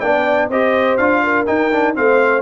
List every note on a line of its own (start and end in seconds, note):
0.00 0.49 B3
0.00 0.51 D4
0.00 0.49 D5
0.00 0.48 G5
0.49 0.97 C4
0.49 0.99 G4
0.49 1.22 C5
0.49 0.97 D#5
0.97 1.47 D4
0.97 1.46 F4
0.97 1.45 F5
1.23 1.96 A#4
1.46 1.71 D#4
1.46 1.97 D#4
1.46 1.94 G5
1.71 1.95 D4
1.95 2.42 A3
1.95 2.42 C4
1.95 2.42 C5
1.95 2.42 F5